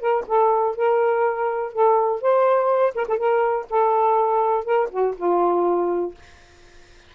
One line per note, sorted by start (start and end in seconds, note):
0.00 0.24 A#4
0.27 0.76 A4
0.76 1.73 A#4
1.73 2.21 A4
2.21 2.94 C5
2.95 3.07 A#4
3.08 3.17 A4
3.17 3.66 A#4
3.70 4.65 A4
4.65 4.89 A#4
4.90 5.15 F#4
5.17 6.14 F4